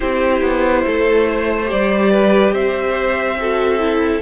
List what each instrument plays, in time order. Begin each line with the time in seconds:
0.00 cello C4, viola E4, violin G4 C5
0.41 cello B3
0.86 cello A3, violin A4
1.28 violin C5
1.65 viola G4, violin D5
1.71 cello G3
2.11 violin B4
2.52 cello C4, violin C5 E5
3.40 viola F#4, violin A4
3.78 viola E4